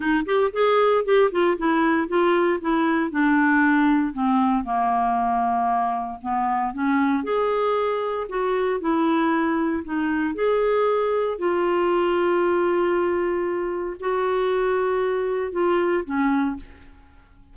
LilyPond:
\new Staff \with { instrumentName = "clarinet" } { \time 4/4 \tempo 4 = 116 dis'8 g'8 gis'4 g'8 f'8 e'4 | f'4 e'4 d'2 | c'4 ais2. | b4 cis'4 gis'2 |
fis'4 e'2 dis'4 | gis'2 f'2~ | f'2. fis'4~ | fis'2 f'4 cis'4 | }